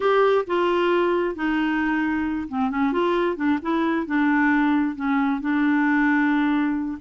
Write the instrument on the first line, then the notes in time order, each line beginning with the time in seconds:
clarinet
0.00 G4
0.46 F4
1.35 D#4
2.49 C4
2.70 C#4
2.92 F4
3.36 D4
3.62 E4
4.06 D4
4.95 C#4
5.40 D4